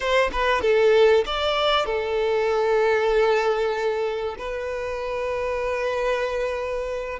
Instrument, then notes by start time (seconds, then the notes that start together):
violin
0.00 C5
0.32 B4
0.61 A4
1.26 D5
1.85 A4
4.38 B4